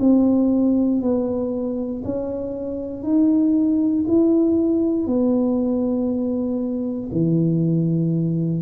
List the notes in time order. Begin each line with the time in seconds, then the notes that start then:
0.00 C4
1.02 B3
2.05 C#4
3.03 D#4
4.08 E4
5.07 B3
7.12 E3